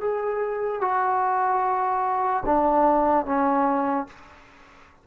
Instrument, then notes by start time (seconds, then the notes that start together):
trombone
0.00 G#4
0.81 F#4
2.45 D4
3.25 C#4